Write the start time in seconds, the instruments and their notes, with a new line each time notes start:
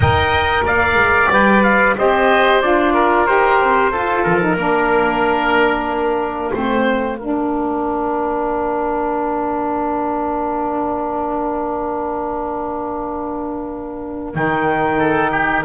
0.00 double bass D#4, saxophone A#4, oboe D#5, trumpet G5
0.65 double bass A#3, oboe D5, trumpet F5
0.95 double bass G#3
1.30 double bass G3, saxophone B4, trumpet G5
1.63 trumpet F5
1.97 double bass C4, saxophone G4, oboe C5, trumpet D#5
2.61 double bass D4, saxophone F4, trumpet D5
2.93 oboe A#4
3.26 double bass D#4, saxophone G4, trumpet C5
3.60 double bass C4
3.91 double bass F4, saxophone F4, oboe A4
4.23 double bass F3, trumpet A#4
4.40 saxophone D#4
4.56 double bass A#3, saxophone D4, oboe A#4
5.86 trumpet F5
6.52 double bass A3, saxophone C4, oboe C5
7.17 double bass A#3, saxophone D4, oboe A#4
14.34 double bass D#3, saxophone D#4, trumpet G5
14.98 oboe A4
15.31 oboe G4